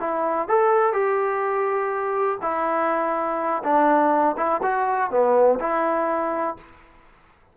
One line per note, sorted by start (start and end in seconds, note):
0.00 0.48 E4
0.48 0.93 A4
0.93 2.38 G4
2.42 3.63 E4
3.64 4.36 D4
4.37 4.61 E4
4.63 5.11 F#4
5.11 5.59 B3
5.60 6.57 E4